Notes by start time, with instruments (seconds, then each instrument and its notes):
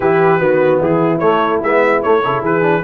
0.00 tuba E3, trombone E4, horn G4, trumpet B4
0.39 tuba D#3, trombone B3, horn F#4
0.80 tuba E3, horn E4, trumpet G#4
1.19 tuba A3, trombone A3, trumpet C#5
1.61 tuba G#3, trombone B3, trumpet E5
2.02 trombone A3, tuba A3, trumpet C#5
2.23 tuba C#3, trombone E4, horn A4
2.41 tuba E3, horn G#4, trumpet B4
2.61 trombone D4